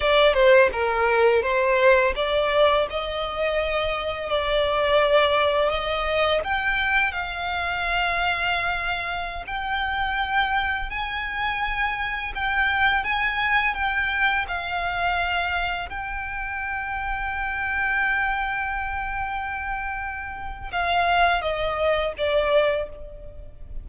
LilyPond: \new Staff \with { instrumentName = "violin" } { \time 4/4 \tempo 4 = 84 d''8 c''8 ais'4 c''4 d''4 | dis''2 d''2 | dis''4 g''4 f''2~ | f''4~ f''16 g''2 gis''8.~ |
gis''4~ gis''16 g''4 gis''4 g''8.~ | g''16 f''2 g''4.~ g''16~ | g''1~ | g''4 f''4 dis''4 d''4 | }